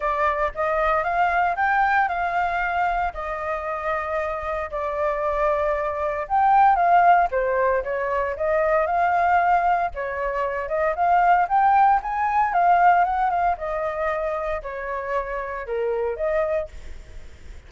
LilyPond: \new Staff \with { instrumentName = "flute" } { \time 4/4 \tempo 4 = 115 d''4 dis''4 f''4 g''4 | f''2 dis''2~ | dis''4 d''2. | g''4 f''4 c''4 cis''4 |
dis''4 f''2 cis''4~ | cis''8 dis''8 f''4 g''4 gis''4 | f''4 fis''8 f''8 dis''2 | cis''2 ais'4 dis''4 | }